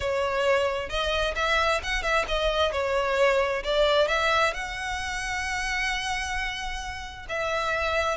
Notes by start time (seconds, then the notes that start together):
0.00 C#5
0.89 D#5
1.35 E5
1.83 F#5
2.02 E5
2.27 D#5
2.72 C#5
3.63 D5
4.08 E5
4.53 F#5
7.28 E5